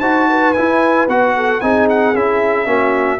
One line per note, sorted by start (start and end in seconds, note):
0.00 0.54 D#4
0.00 0.55 F#4
0.00 0.27 C5
0.00 0.53 A5
0.29 1.35 B4
0.53 1.08 E4
0.53 1.06 G#5
1.08 1.61 B3
1.08 1.61 F#4
1.08 1.61 F#5
1.36 1.61 A4
1.61 2.14 C4
1.61 2.14 D#4
1.61 2.68 G#4
1.61 1.87 G#5
1.89 2.16 F#5
2.14 2.66 C#4
2.14 2.66 E4
2.14 3.20 E5
2.66 3.19 A#3
2.66 3.19 C#4
2.66 3.20 F#4